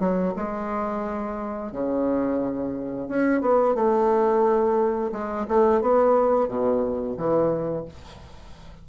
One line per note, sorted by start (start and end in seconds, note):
0.00 0.34 F#3
0.36 1.72 G#3
1.72 3.08 C#3
3.08 3.41 C#4
3.41 3.75 B3
3.75 5.11 A3
5.12 5.46 G#3
5.48 5.81 A3
5.81 6.48 B3
6.48 7.16 B2
7.17 7.86 E3